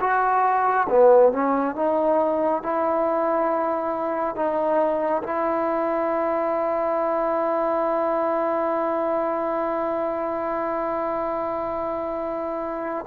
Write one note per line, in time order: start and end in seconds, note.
0.00 0.87 F#4
0.89 1.32 B3
1.32 1.75 C#4
1.75 2.62 D#4
2.62 4.36 E4
4.36 5.23 D#4
5.23 13.06 E4